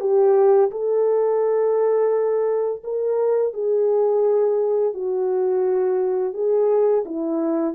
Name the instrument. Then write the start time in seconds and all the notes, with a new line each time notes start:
horn
0.00 G4
0.71 A4
2.84 A#4
3.53 G#4
4.93 F#4
6.33 G#4
7.05 E4